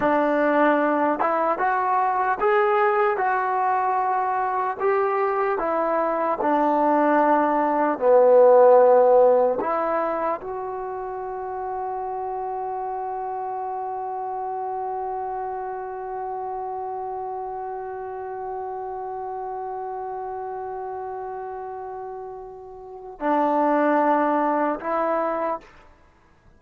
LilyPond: \new Staff \with { instrumentName = "trombone" } { \time 4/4 \tempo 4 = 75 d'4. e'8 fis'4 gis'4 | fis'2 g'4 e'4 | d'2 b2 | e'4 fis'2.~ |
fis'1~ | fis'1~ | fis'1~ | fis'4 d'2 e'4 | }